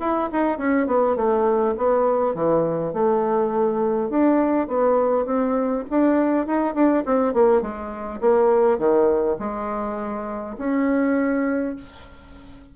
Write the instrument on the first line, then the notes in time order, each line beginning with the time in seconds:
bassoon
0.00 E4
0.32 D#4
0.58 C#4
0.86 B3
1.16 A3
1.77 B3
2.34 E3
2.93 A3
4.10 D4
4.68 B3
5.25 C4
5.90 D4
6.46 D#4
6.74 D4
7.06 C4
7.33 A#3
7.61 G#3
8.21 A#3
8.78 D#3
9.39 G#3
10.58 C#4